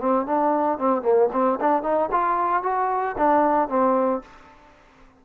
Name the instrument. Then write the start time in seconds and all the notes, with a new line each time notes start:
trombone
0.00 C4
0.27 D4
0.79 C4
1.03 A#3
1.33 C4
1.61 D4
1.83 D#4
2.12 F4
2.63 F#4
3.18 D4
3.69 C4